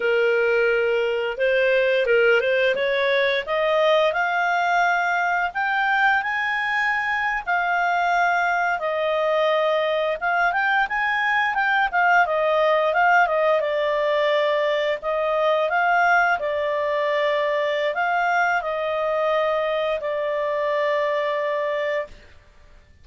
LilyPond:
\new Staff \with { instrumentName = "clarinet" } { \time 4/4 \tempo 4 = 87 ais'2 c''4 ais'8 c''8 | cis''4 dis''4 f''2 | g''4 gis''4.~ gis''16 f''4~ f''16~ | f''8. dis''2 f''8 g''8 gis''16~ |
gis''8. g''8 f''8 dis''4 f''8 dis''8 d''16~ | d''4.~ d''16 dis''4 f''4 d''16~ | d''2 f''4 dis''4~ | dis''4 d''2. | }